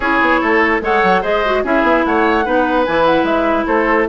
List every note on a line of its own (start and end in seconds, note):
0.00 0.20 C#4
0.00 0.82 E4
0.00 0.40 G#4
0.00 0.81 C#5
0.20 0.41 B3
0.40 0.81 A3
0.40 0.81 A4
0.81 1.01 G#3
0.81 1.23 A4
0.81 1.21 C#5
0.81 1.23 F#5
1.03 1.23 F#3
1.21 1.64 G#3
1.21 1.43 G#4
1.21 1.62 C5
1.21 1.63 D#5
1.45 1.64 F#4
1.64 1.82 C#4
1.64 2.44 E4
1.64 2.05 G#4
1.64 2.05 E5
1.82 2.03 B3
2.05 2.46 A3
2.05 2.45 C#5
2.05 2.84 F#5
2.44 2.86 B3
2.44 2.85 D#4
2.44 3.66 B4
2.84 3.23 E3
2.84 4.08 E4
2.84 3.04 G#5
3.05 3.24 F#5
3.23 3.64 G#3
3.23 3.65 E5
3.66 4.08 A3
3.66 4.07 A4
3.66 4.07 C5